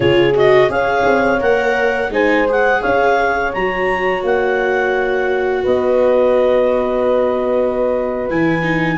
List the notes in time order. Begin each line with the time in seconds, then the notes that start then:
0.00 C#3 F4 G#4 C#5
0.34 F#4 D#5
0.68 C#4 G#4 C#5 F5
1.05 C4
1.40 A#3 A#4 F#5
2.09 G#3 D#4 C5 G#5
2.47 G#4 F#5
2.81 C#4 C#5 F5
3.52 F#3 F#4 A#5
4.23 A#3 F#5
5.63 B3 B4 D#5
8.30 E3 E4 G#5
8.62 D#4